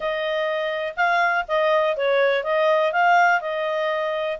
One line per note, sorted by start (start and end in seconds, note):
0.00 0.94 D#5
0.96 1.45 F5
1.48 1.96 D#5
1.96 2.43 C#5
2.43 2.92 D#5
2.92 3.40 F5
3.40 4.38 D#5